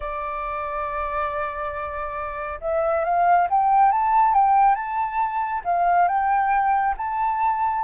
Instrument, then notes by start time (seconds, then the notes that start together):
flute
0.00 D5
2.60 E5
3.04 F5
3.50 G5
3.91 A5
4.34 G5
4.75 A5
5.64 F5
6.08 G5
6.97 A5